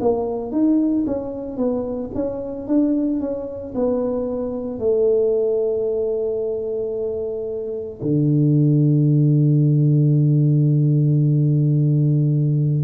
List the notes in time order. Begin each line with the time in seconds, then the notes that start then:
0.00 A#3
0.51 D#4
1.07 C#4
1.57 B3
2.15 C#4
2.67 D4
3.20 C#4
3.75 B3
4.79 A3
8.02 D3